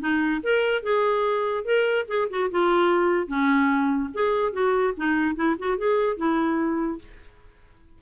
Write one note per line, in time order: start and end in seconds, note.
0.00 0.41 D#4
0.43 0.83 A#4
0.83 1.65 G#4
1.65 2.06 A#4
2.08 2.28 G#4
2.30 2.50 F#4
2.51 3.28 F4
3.28 4.10 C#4
4.14 4.53 G#4
4.53 4.94 F#4
4.97 5.35 D#4
5.35 5.56 E4
5.59 5.78 F#4
5.78 6.17 G#4
6.17 6.99 E4